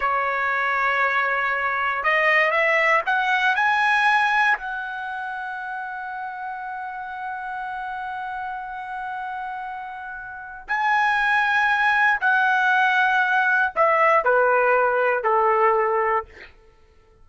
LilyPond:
\new Staff \with { instrumentName = "trumpet" } { \time 4/4 \tempo 4 = 118 cis''1 | dis''4 e''4 fis''4 gis''4~ | gis''4 fis''2.~ | fis''1~ |
fis''1~ | fis''4 gis''2. | fis''2. e''4 | b'2 a'2 | }